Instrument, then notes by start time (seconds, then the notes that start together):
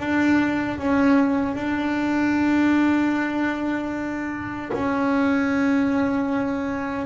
double bass
0.00 D4
0.79 C#4
1.56 D4
4.74 C#4